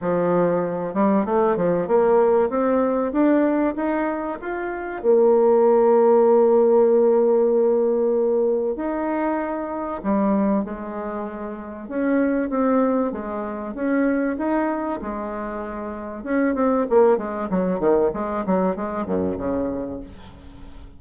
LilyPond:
\new Staff \with { instrumentName = "bassoon" } { \time 4/4 \tempo 4 = 96 f4. g8 a8 f8 ais4 | c'4 d'4 dis'4 f'4 | ais1~ | ais2 dis'2 |
g4 gis2 cis'4 | c'4 gis4 cis'4 dis'4 | gis2 cis'8 c'8 ais8 gis8 | fis8 dis8 gis8 fis8 gis8 fis,8 cis4 | }